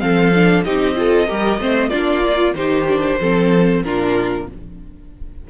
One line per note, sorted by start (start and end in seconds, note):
0.00 0.66 F3
0.00 0.32 C4
0.00 0.65 A4
0.00 0.64 F5
0.35 0.66 D4
0.64 1.30 C4
0.64 0.95 D#4
0.64 0.97 G4
0.64 1.90 D#5
0.95 1.27 F4
0.95 1.29 A4
1.28 1.59 G3
1.28 1.60 G4
1.28 1.61 A#4
1.59 1.91 A3
1.59 1.92 C4
1.59 1.90 C5
1.90 2.55 A#3
1.90 2.24 D4
1.90 2.54 F4
1.90 2.54 D5
2.25 2.56 F4
2.55 3.18 D#3
2.55 2.88 D#4
2.55 3.20 G4
2.55 3.84 C5
2.89 3.21 D4
3.20 3.85 F3
3.20 3.84 C4
3.20 3.84 A4
3.84 4.49 A#2
3.84 4.48 D4
3.84 4.50 F4
3.84 4.48 A#4